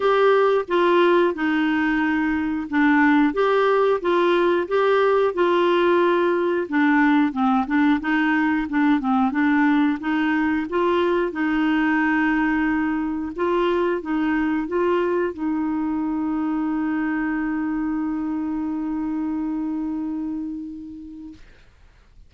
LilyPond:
\new Staff \with { instrumentName = "clarinet" } { \time 4/4 \tempo 4 = 90 g'4 f'4 dis'2 | d'4 g'4 f'4 g'4 | f'2 d'4 c'8 d'8 | dis'4 d'8 c'8 d'4 dis'4 |
f'4 dis'2. | f'4 dis'4 f'4 dis'4~ | dis'1~ | dis'1 | }